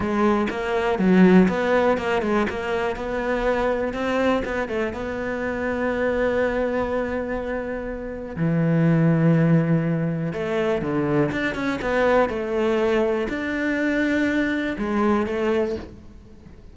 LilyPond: \new Staff \with { instrumentName = "cello" } { \time 4/4 \tempo 4 = 122 gis4 ais4 fis4 b4 | ais8 gis8 ais4 b2 | c'4 b8 a8 b2~ | b1~ |
b4 e2.~ | e4 a4 d4 d'8 cis'8 | b4 a2 d'4~ | d'2 gis4 a4 | }